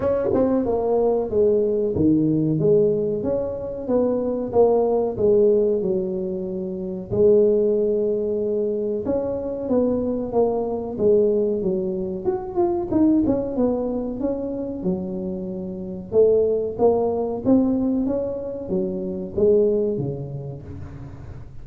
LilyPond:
\new Staff \with { instrumentName = "tuba" } { \time 4/4 \tempo 4 = 93 cis'8 c'8 ais4 gis4 dis4 | gis4 cis'4 b4 ais4 | gis4 fis2 gis4~ | gis2 cis'4 b4 |
ais4 gis4 fis4 fis'8 f'8 | dis'8 cis'8 b4 cis'4 fis4~ | fis4 a4 ais4 c'4 | cis'4 fis4 gis4 cis4 | }